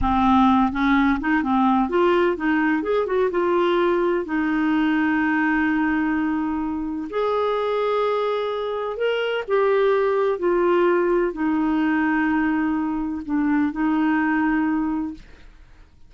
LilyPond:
\new Staff \with { instrumentName = "clarinet" } { \time 4/4 \tempo 4 = 127 c'4. cis'4 dis'8 c'4 | f'4 dis'4 gis'8 fis'8 f'4~ | f'4 dis'2.~ | dis'2. gis'4~ |
gis'2. ais'4 | g'2 f'2 | dis'1 | d'4 dis'2. | }